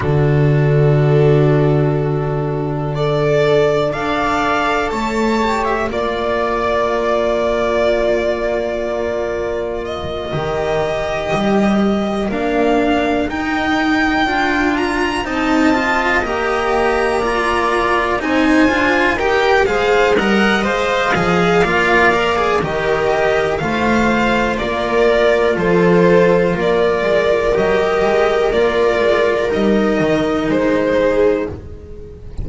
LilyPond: <<
  \new Staff \with { instrumentName = "violin" } { \time 4/4 \tempo 4 = 61 a'2. d''4 | f''4 a''8. e''16 d''2~ | d''2 dis''2~ | dis''8 f''4 g''4. ais''8 a''8~ |
a''8 ais''2 gis''4 g''8 | f''8 fis''8 f''2 dis''4 | f''4 d''4 c''4 d''4 | dis''4 d''4 dis''4 c''4 | }
  \new Staff \with { instrumentName = "viola" } { \time 4/4 fis'2. a'4 | d''4 cis''4 d''2~ | d''16 ais'2.~ ais'8.~ | ais'2.~ ais'8 dis''8~ |
dis''4. d''4 c''4 ais'8 | c''8 dis''4. d''4 ais'4 | c''4 ais'4 a'4 ais'4~ | ais'2.~ ais'8 gis'8 | }
  \new Staff \with { instrumentName = "cello" } { \time 4/4 d'1 | a'4. g'8 f'2~ | f'2~ f'8 g'4.~ | g'8 d'4 dis'4 f'4 dis'8 |
f'8 g'4 f'4 dis'8 f'8 g'8 | gis'8 ais'8 c''8 gis'8 f'8 ais'16 gis'16 g'4 | f'1 | g'4 f'4 dis'2 | }
  \new Staff \with { instrumentName = "double bass" } { \time 4/4 d1 | d'4 a4 ais2~ | ais2~ ais8 dis4 g8~ | g8 ais4 dis'4 d'4 c'8~ |
c'8 ais2 c'8 d'8 dis'8 | gis8 g8 gis8 f8 ais4 dis4 | a4 ais4 f4 ais8 gis8 | fis8 gis8 ais8 gis8 g8 dis8 gis4 | }
>>